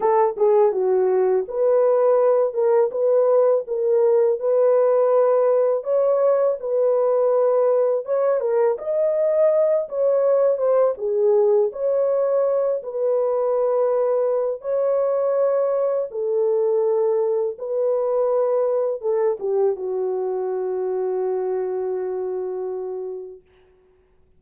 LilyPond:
\new Staff \with { instrumentName = "horn" } { \time 4/4 \tempo 4 = 82 a'8 gis'8 fis'4 b'4. ais'8 | b'4 ais'4 b'2 | cis''4 b'2 cis''8 ais'8 | dis''4. cis''4 c''8 gis'4 |
cis''4. b'2~ b'8 | cis''2 a'2 | b'2 a'8 g'8 fis'4~ | fis'1 | }